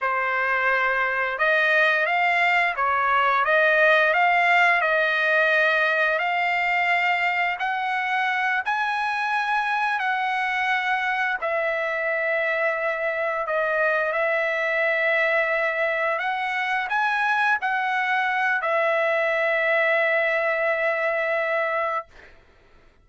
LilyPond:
\new Staff \with { instrumentName = "trumpet" } { \time 4/4 \tempo 4 = 87 c''2 dis''4 f''4 | cis''4 dis''4 f''4 dis''4~ | dis''4 f''2 fis''4~ | fis''8 gis''2 fis''4.~ |
fis''8 e''2. dis''8~ | dis''8 e''2. fis''8~ | fis''8 gis''4 fis''4. e''4~ | e''1 | }